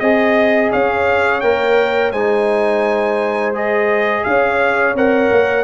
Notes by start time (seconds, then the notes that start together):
0.00 C4 G#4 D#5
0.72 C#4 C#5 F5
1.40 A#3 A#4 G5
2.12 G#3 D#4 C5 G#5
3.54 G#4 D#5
4.24 C#4 C#5 F5
4.95 C4 A#4 F#5
5.31 A#3